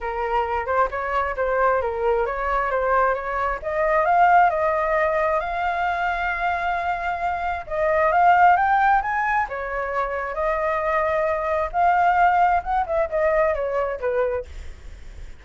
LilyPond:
\new Staff \with { instrumentName = "flute" } { \time 4/4 \tempo 4 = 133 ais'4. c''8 cis''4 c''4 | ais'4 cis''4 c''4 cis''4 | dis''4 f''4 dis''2 | f''1~ |
f''4 dis''4 f''4 g''4 | gis''4 cis''2 dis''4~ | dis''2 f''2 | fis''8 e''8 dis''4 cis''4 b'4 | }